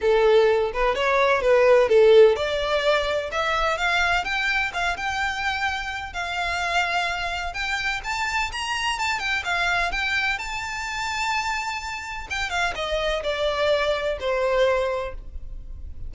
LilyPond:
\new Staff \with { instrumentName = "violin" } { \time 4/4 \tempo 4 = 127 a'4. b'8 cis''4 b'4 | a'4 d''2 e''4 | f''4 g''4 f''8 g''4.~ | g''4 f''2. |
g''4 a''4 ais''4 a''8 g''8 | f''4 g''4 a''2~ | a''2 g''8 f''8 dis''4 | d''2 c''2 | }